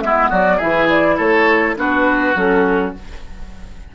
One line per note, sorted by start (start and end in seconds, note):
0.00 0.30 G#3
0.00 0.60 B3
0.00 0.29 E4
0.00 0.29 E5
0.29 0.60 F#3
0.29 0.57 F#4
0.29 0.59 D5
0.57 1.19 E3
0.57 1.76 E4
0.57 1.15 G#4
0.57 0.88 E5
0.89 1.18 D5
1.17 1.76 A3
1.17 1.75 A4
1.17 1.76 C#5
1.76 2.34 B3
1.76 2.34 D4
1.76 2.95 F#4
1.76 2.36 B4
2.35 2.93 F#3
2.35 2.94 C#4
2.35 2.95 A4